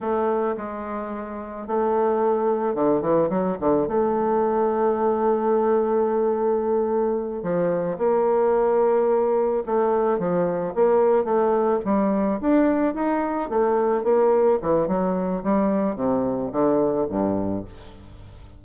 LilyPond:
\new Staff \with { instrumentName = "bassoon" } { \time 4/4 \tempo 4 = 109 a4 gis2 a4~ | a4 d8 e8 fis8 d8 a4~ | a1~ | a4. f4 ais4.~ |
ais4. a4 f4 ais8~ | ais8 a4 g4 d'4 dis'8~ | dis'8 a4 ais4 e8 fis4 | g4 c4 d4 g,4 | }